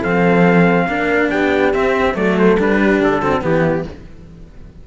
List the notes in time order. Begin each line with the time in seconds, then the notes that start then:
0.00 F3 C4 A4 F5
0.87 A#3 D4 A#4
1.30 B3 G4 G5
1.74 C4 E5
2.14 F#3 A3 A4 D5
2.39 C5
2.58 G3 D4 B4
2.82 G4
3.00 D3 A4
3.20 C4 F#4
3.42 E3 B3 E4 G4